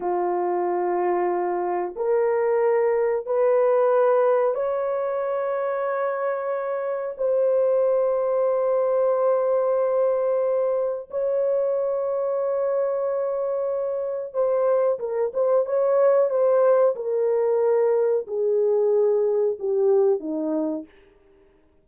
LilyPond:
\new Staff \with { instrumentName = "horn" } { \time 4/4 \tempo 4 = 92 f'2. ais'4~ | ais'4 b'2 cis''4~ | cis''2. c''4~ | c''1~ |
c''4 cis''2.~ | cis''2 c''4 ais'8 c''8 | cis''4 c''4 ais'2 | gis'2 g'4 dis'4 | }